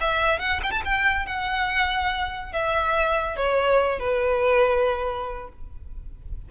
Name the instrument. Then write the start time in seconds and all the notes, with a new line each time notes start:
violin
0.00 E5
0.39 F#5
0.63 G5
0.71 A5
0.84 G5
1.26 F#5
2.52 E5
3.36 C#5
3.99 B4